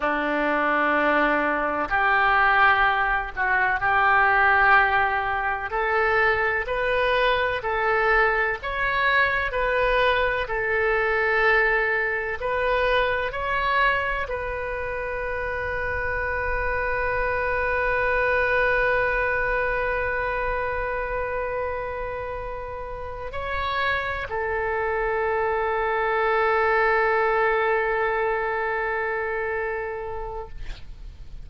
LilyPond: \new Staff \with { instrumentName = "oboe" } { \time 4/4 \tempo 4 = 63 d'2 g'4. fis'8 | g'2 a'4 b'4 | a'4 cis''4 b'4 a'4~ | a'4 b'4 cis''4 b'4~ |
b'1~ | b'1~ | b'8 cis''4 a'2~ a'8~ | a'1 | }